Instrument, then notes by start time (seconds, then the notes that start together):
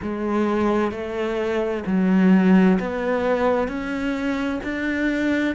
cello
0.02 G#3
0.91 A3
1.86 F#3
2.79 B3
3.68 C#4
4.63 D4